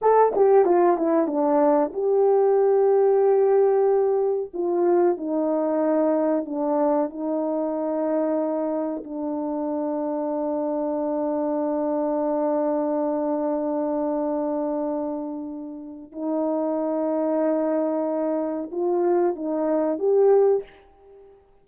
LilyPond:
\new Staff \with { instrumentName = "horn" } { \time 4/4 \tempo 4 = 93 a'8 g'8 f'8 e'8 d'4 g'4~ | g'2. f'4 | dis'2 d'4 dis'4~ | dis'2 d'2~ |
d'1~ | d'1~ | d'4 dis'2.~ | dis'4 f'4 dis'4 g'4 | }